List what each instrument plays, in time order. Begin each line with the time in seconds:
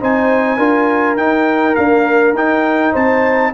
0.00 tuba C4, trombone D#4, horn C5, trumpet G#5
0.57 tuba D4, trombone F4, horn A#4
1.17 tuba D#4, trombone D#4, trumpet G5
1.75 trombone A#3, tuba D4, trumpet F5
2.34 tuba D#4, trombone D#4, trumpet G5
2.93 tuba C4, horn C5, trumpet A5